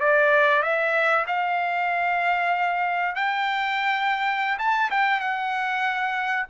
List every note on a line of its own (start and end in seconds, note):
0.00 0.62 D5
0.62 1.25 E5
1.27 3.16 F5
3.16 4.58 G5
4.59 4.90 A5
4.90 5.20 G5
5.20 6.46 F#5